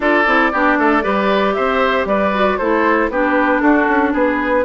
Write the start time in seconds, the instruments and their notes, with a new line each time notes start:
0.00 bassoon D4, clarinet F4, oboe A4, flute D5
0.26 bassoon C4, clarinet E4
0.52 bassoon B3, clarinet D4, oboe G4
0.78 bassoon A3, oboe A4
1.02 bassoon G3, clarinet G4, oboe B4
1.53 bassoon C4, oboe C5, flute E5
2.05 bassoon G3, oboe B4, flute D5
2.33 clarinet F#4
2.57 bassoon A3, clarinet E4, oboe A4, flute C5
3.09 bassoon B3, clarinet D4, oboe G4, flute B4
3.60 bassoon D4, oboe F#4, flute A4
3.88 bassoon C#4
4.12 bassoon B3, oboe G#4, flute B4